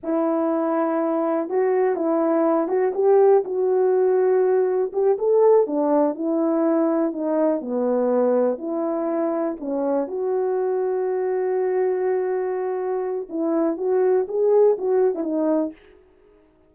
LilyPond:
\new Staff \with { instrumentName = "horn" } { \time 4/4 \tempo 4 = 122 e'2. fis'4 | e'4. fis'8 g'4 fis'4~ | fis'2 g'8 a'4 d'8~ | d'8 e'2 dis'4 b8~ |
b4. e'2 cis'8~ | cis'8 fis'2.~ fis'8~ | fis'2. e'4 | fis'4 gis'4 fis'8. e'16 dis'4 | }